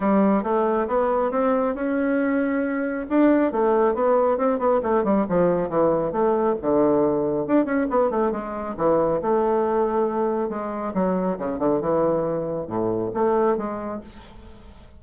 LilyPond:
\new Staff \with { instrumentName = "bassoon" } { \time 4/4 \tempo 4 = 137 g4 a4 b4 c'4 | cis'2. d'4 | a4 b4 c'8 b8 a8 g8 | f4 e4 a4 d4~ |
d4 d'8 cis'8 b8 a8 gis4 | e4 a2. | gis4 fis4 cis8 d8 e4~ | e4 a,4 a4 gis4 | }